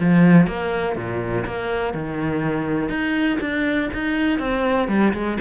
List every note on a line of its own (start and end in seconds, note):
0.00 0.46 F3
0.46 0.95 A#3
0.95 1.45 A#2
1.46 1.93 A#3
1.93 2.89 D#3
2.89 3.38 D#4
3.40 3.89 D4
3.93 4.39 D#4
4.39 4.88 C4
4.88 5.13 G3
5.13 5.38 G#3